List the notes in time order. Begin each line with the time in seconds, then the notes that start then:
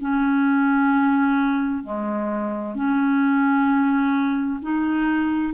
0.00 C#4
1.83 G#3
2.75 C#4
4.62 D#4